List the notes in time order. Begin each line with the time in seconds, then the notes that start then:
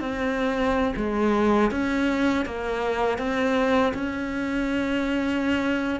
0.00 C4
0.96 G#3
1.71 C#4
2.45 A#3
3.18 C4
3.94 C#4